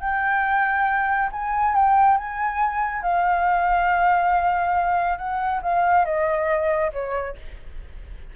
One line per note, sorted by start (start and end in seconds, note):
0.00 1.29 G5
1.32 1.75 G#5
1.75 2.17 G5
2.17 3.02 G#5
3.02 5.18 F5
5.18 5.61 F#5
5.62 6.05 F5
6.05 6.91 D#5
6.93 7.36 C#5